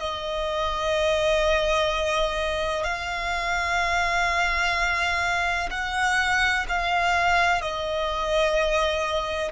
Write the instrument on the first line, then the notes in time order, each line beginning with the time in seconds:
violin
0.00 D#5
2.84 F5
5.71 F#5
6.69 F5
7.62 D#5